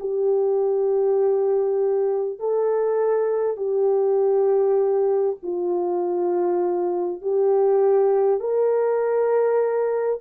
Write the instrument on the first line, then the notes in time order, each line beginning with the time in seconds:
horn
0.00 G4
2.39 A4
3.57 G4
5.43 F4
7.22 G4
8.40 A#4